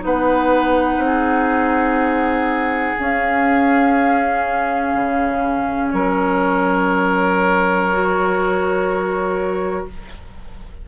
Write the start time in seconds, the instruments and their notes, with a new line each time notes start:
0.00 bassoon B3, clarinet D#4, oboe B4, flute F#5
0.97 bassoon C4
1.06 oboe G#4
2.99 bassoon C#4, clarinet C#4, flute F5
4.94 bassoon C#3
5.89 bassoon F#3, oboe A#4, flute C#5
7.91 clarinet F#4